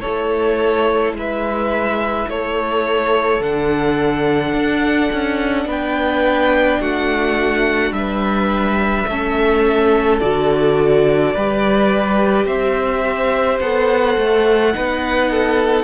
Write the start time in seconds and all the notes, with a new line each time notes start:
0.00 E4 A4 C#5
0.06 A3
1.12 G#3 B4
1.18 E5
2.28 A3 A4 C#5
3.40 D3 D4 F#5
4.53 D4
5.12 C#4
5.65 B3 B4 G5
6.80 A3 F#4 F#5
7.91 G3 E5
7.98 B4
9.07 A3 C#4 A4
10.19 D3 F#4 D5
11.34 G3 G4 B4
12.45 C4 C5 E5
13.60 B3 A4 F#5
14.17 A3
14.73 B3 D#4 B4
15.31 A4